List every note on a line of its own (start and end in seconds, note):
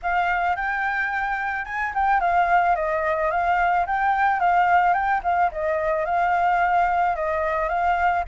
0.02 0.56 F5
0.56 1.65 G5
1.65 1.92 G#5
1.94 2.20 G5
2.20 2.75 F5
2.75 3.30 D#5
3.30 3.85 F5
3.86 4.40 G5
4.40 4.93 F5
4.93 5.20 G5
5.23 5.50 F5
5.51 6.05 D#5
6.05 7.15 F5
7.15 7.69 D#5
7.69 8.24 F5